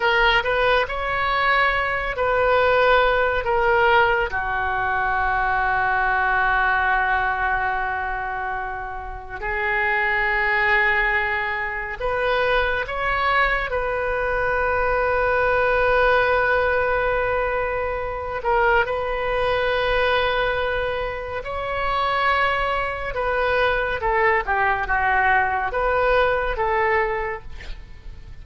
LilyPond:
\new Staff \with { instrumentName = "oboe" } { \time 4/4 \tempo 4 = 70 ais'8 b'8 cis''4. b'4. | ais'4 fis'2.~ | fis'2. gis'4~ | gis'2 b'4 cis''4 |
b'1~ | b'4. ais'8 b'2~ | b'4 cis''2 b'4 | a'8 g'8 fis'4 b'4 a'4 | }